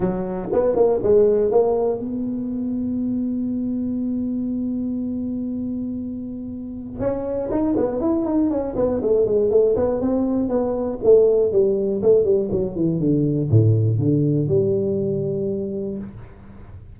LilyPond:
\new Staff \with { instrumentName = "tuba" } { \time 4/4 \tempo 4 = 120 fis4 b8 ais8 gis4 ais4 | b1~ | b1~ | b2 cis'4 dis'8 b8 |
e'8 dis'8 cis'8 b8 a8 gis8 a8 b8 | c'4 b4 a4 g4 | a8 g8 fis8 e8 d4 a,4 | d4 g2. | }